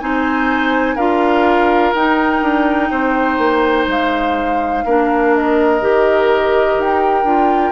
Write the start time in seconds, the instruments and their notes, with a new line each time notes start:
0.00 bassoon C4, clarinet D#4, oboe C5, flute G#5
0.96 bassoon D4, clarinet F4, oboe A#4, flute F5
1.94 bassoon D#4, clarinet D#4, flute G5
2.42 bassoon D4
2.91 bassoon C4, oboe C5
3.38 bassoon A#3
3.88 bassoon G#3, flute F5
4.85 bassoon A#3, clarinet D4, oboe A#4
5.36 flute D#5
5.81 bassoon D#3, clarinet G4
6.78 bassoon D#4, flute G5
7.24 bassoon D4, clarinet F4